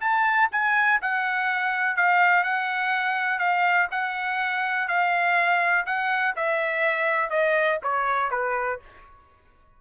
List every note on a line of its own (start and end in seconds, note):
0.00 0.49 A5
0.51 1.00 G#5
1.01 1.96 F#5
1.96 2.43 F5
2.43 3.39 F#5
3.39 3.88 F5
3.91 4.88 F#5
4.88 5.85 F5
5.86 6.35 F#5
6.36 7.30 E5
7.30 7.78 D#5
7.82 8.31 C#5
8.31 8.79 B4